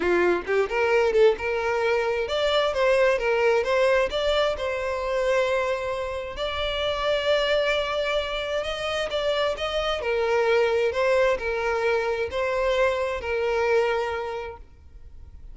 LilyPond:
\new Staff \with { instrumentName = "violin" } { \time 4/4 \tempo 4 = 132 f'4 g'8 ais'4 a'8 ais'4~ | ais'4 d''4 c''4 ais'4 | c''4 d''4 c''2~ | c''2 d''2~ |
d''2. dis''4 | d''4 dis''4 ais'2 | c''4 ais'2 c''4~ | c''4 ais'2. | }